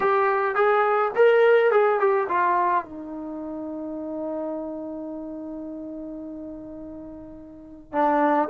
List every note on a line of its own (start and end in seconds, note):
0.00 0.55 G4
0.55 1.11 G#4
1.15 1.71 A#4
1.71 1.99 G#4
1.99 2.27 G4
2.28 2.84 F4
2.84 7.92 D#4
7.92 8.49 D4